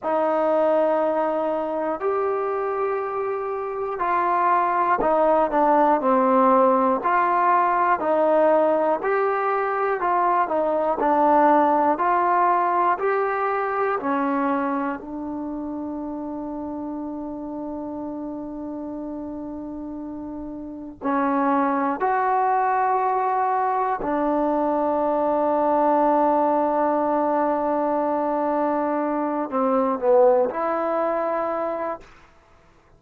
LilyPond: \new Staff \with { instrumentName = "trombone" } { \time 4/4 \tempo 4 = 60 dis'2 g'2 | f'4 dis'8 d'8 c'4 f'4 | dis'4 g'4 f'8 dis'8 d'4 | f'4 g'4 cis'4 d'4~ |
d'1~ | d'4 cis'4 fis'2 | d'1~ | d'4. c'8 b8 e'4. | }